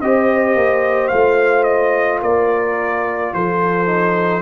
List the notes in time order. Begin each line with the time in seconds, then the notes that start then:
0.00 C4 G4 C5 D#5
0.55 A#3
1.08 A3 F4 F5
1.63 D#5
2.22 A#3 A#4 D5
3.33 F3 A4 C5
3.86 D#4